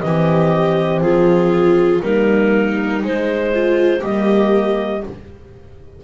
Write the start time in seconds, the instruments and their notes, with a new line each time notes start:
0.00 double bass E3, horn C4, viola G4, clarinet D#5
1.01 double bass F3, viola F4, clarinet G#4
2.02 double bass G3, horn A#3, viola D#4, clarinet A#4
3.01 horn G#3, double bass G#3, clarinet C5
3.54 viola F4
4.00 double bass G3, horn A#3, viola G4, clarinet D#5